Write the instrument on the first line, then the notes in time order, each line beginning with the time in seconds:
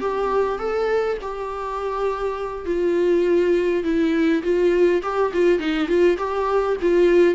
viola
0.00 G4
0.58 A4
1.21 G4
2.65 F4
3.83 E4
4.43 F4
5.02 G4
5.33 F4
5.59 D#4
5.87 F4
6.17 G4
6.81 F4